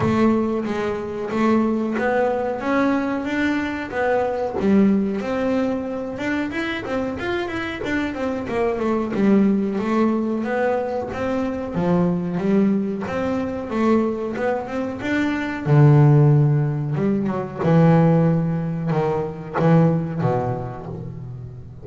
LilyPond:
\new Staff \with { instrumentName = "double bass" } { \time 4/4 \tempo 4 = 92 a4 gis4 a4 b4 | cis'4 d'4 b4 g4 | c'4. d'8 e'8 c'8 f'8 e'8 | d'8 c'8 ais8 a8 g4 a4 |
b4 c'4 f4 g4 | c'4 a4 b8 c'8 d'4 | d2 g8 fis8 e4~ | e4 dis4 e4 b,4 | }